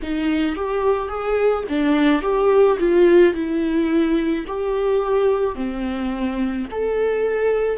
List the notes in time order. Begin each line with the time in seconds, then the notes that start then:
0.02 D#4
0.56 G4
1.08 G#4
1.69 D4
2.22 G4
2.79 F4
3.34 E4
4.47 G4
5.55 C4
6.71 A4